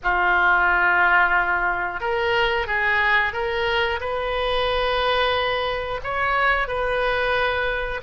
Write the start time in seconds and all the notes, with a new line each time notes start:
0.03 F4
2.00 A#4
2.67 G#4
3.32 A#4
4.00 B4
6.03 C#5
6.67 B4